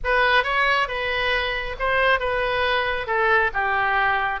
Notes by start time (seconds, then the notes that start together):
0.03 B4
0.43 C#5
0.87 B4
1.79 C5
2.19 B4
3.06 A4
3.53 G4